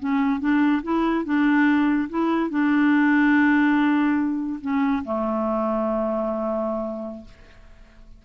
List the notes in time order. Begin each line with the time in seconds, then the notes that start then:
0.00 C#4
0.40 D4
0.83 E4
1.25 D4
2.09 E4
2.50 D4
4.62 C#4
5.05 A3